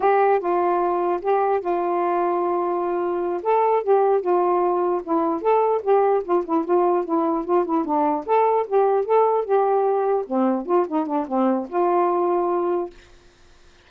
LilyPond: \new Staff \with { instrumentName = "saxophone" } { \time 4/4 \tempo 4 = 149 g'4 f'2 g'4 | f'1~ | f'8 a'4 g'4 f'4.~ | f'8 e'4 a'4 g'4 f'8 |
e'8 f'4 e'4 f'8 e'8 d'8~ | d'8 a'4 g'4 a'4 g'8~ | g'4. c'4 f'8 dis'8 d'8 | c'4 f'2. | }